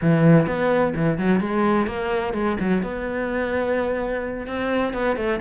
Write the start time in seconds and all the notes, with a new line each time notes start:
0.01 E3
0.46 B3
0.95 E3
1.18 F#3
1.40 G#3
1.86 A#3
2.33 G#3
2.60 F#3
2.82 B3
4.47 C4
4.93 B3
5.16 A3